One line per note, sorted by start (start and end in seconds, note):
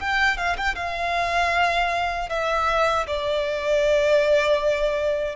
0.00 0.38 G5
0.38 0.57 F5
0.57 0.76 G5
0.76 2.30 F5
2.30 3.07 E5
3.07 5.36 D5